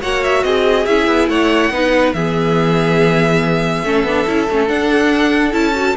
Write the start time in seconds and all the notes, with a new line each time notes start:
0.00 A#3 F#4 C#5 F#5
0.23 E5
0.43 C4 G#4 D#5
0.85 C#4 E4 E5
1.07 B3
1.28 A3 C#5 F#5
1.70 B3 D#4 B4
2.13 E3 B3 G#4 E5
3.83 A3 C#4 A4
4.03 B3 D4
4.27 C#4 E4
4.49 A3 C#4
4.67 D4 F#5
5.52 C#4 E4 A5
5.74 F#4